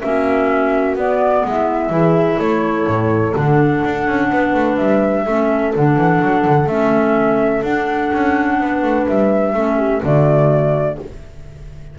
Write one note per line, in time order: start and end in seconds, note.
0.00 0.95 A#3
0.00 0.98 C#4
0.00 1.48 F#4
0.00 0.95 E5
0.95 1.43 B3
0.95 1.90 B3
0.95 1.46 D5
1.45 1.89 G#3
1.45 1.92 E4
1.45 2.39 E5
1.89 2.37 E3
1.89 3.33 E4
1.89 2.37 G#4
2.37 2.87 A3
2.37 4.28 A4
2.37 3.34 C#5
2.87 3.34 A2
3.35 3.83 D3
3.35 5.26 D4
3.35 4.77 F#5
3.84 4.07 D4
4.07 4.31 C#4
4.29 4.54 B3
4.29 5.24 B4
4.54 4.78 A3
4.77 5.25 G3
4.77 5.72 E5
5.24 5.74 A3
5.24 5.74 C#4
5.24 8.57 A4
5.75 5.96 D3
5.75 6.69 D4
5.75 6.68 F#5
5.96 6.20 E3
6.21 6.45 F#3
6.46 6.66 D3
6.66 7.61 A3
6.66 7.64 C#4
6.66 7.63 E5
7.63 8.10 D4
7.63 9.55 D4
7.63 9.06 F#5
8.13 8.60 C#4
8.60 8.82 B3
8.60 9.54 B4
8.82 9.06 A3
9.07 9.53 G3
9.07 10.02 E5
9.53 10.01 A3
9.53 10.02 C#4
9.53 9.77 A4
9.77 10.01 G4
10.01 10.98 D3
10.01 10.97 A3
10.01 10.96 F#4
10.01 10.98 D5